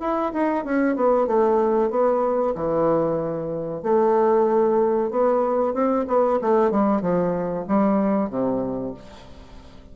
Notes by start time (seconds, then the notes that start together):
0.00 E4
0.33 D#4
0.64 C#4
0.95 B3
1.27 A3
1.90 B3
2.55 E3
3.82 A3
5.10 B3
5.73 C4
6.07 B3
6.41 A3
6.71 G3
7.01 F3
7.67 G3
8.30 C3